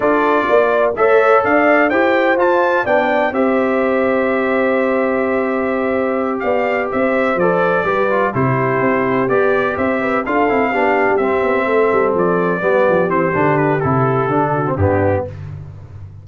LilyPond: <<
  \new Staff \with { instrumentName = "trumpet" } { \time 4/4 \tempo 4 = 126 d''2 e''4 f''4 | g''4 a''4 g''4 e''4~ | e''1~ | e''4. f''4 e''4 d''8~ |
d''4. c''2 d''8~ | d''8 e''4 f''2 e''8~ | e''4. d''2 c''8~ | c''8 b'8 a'2 g'4 | }
  \new Staff \with { instrumentName = "horn" } { \time 4/4 a'4 d''4 cis''4 d''4 | c''2 d''4 c''4~ | c''1~ | c''4. d''4 c''4.~ |
c''8 b'4 g'2~ g'8~ | g'8 c''8 b'8 a'4 g'4.~ | g'8 a'2 g'4.~ | g'2~ g'8 fis'8 d'4 | }
  \new Staff \with { instrumentName = "trombone" } { \time 4/4 f'2 a'2 | g'4 f'4 d'4 g'4~ | g'1~ | g'2.~ g'8 a'8~ |
a'8 g'8 f'8 e'2 g'8~ | g'4. f'8 e'8 d'4 c'8~ | c'2~ c'8 b4 c'8 | d'4 e'4 d'8. c'16 b4 | }
  \new Staff \with { instrumentName = "tuba" } { \time 4/4 d'4 ais4 a4 d'4 | e'4 f'4 b4 c'4~ | c'1~ | c'4. b4 c'4 f8~ |
f8 g4 c4 c'4 b8~ | b8 c'4 d'8 c'8 b8. g16 c'8 | b8 a8 g8 f4 g8 f8 e8 | d4 c4 d4 g,4 | }
>>